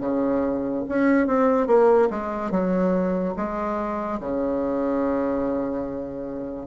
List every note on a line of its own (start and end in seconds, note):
0.00 0.83 C#3
0.88 1.27 C#4
1.27 1.67 C4
1.67 2.08 A#3
2.10 2.51 G#3
2.51 3.34 F#3
3.36 4.20 G#3
4.20 6.66 C#3